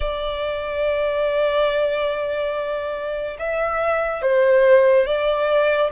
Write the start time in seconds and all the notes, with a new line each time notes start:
0.00 D5
3.38 E5
4.22 C5
5.06 D5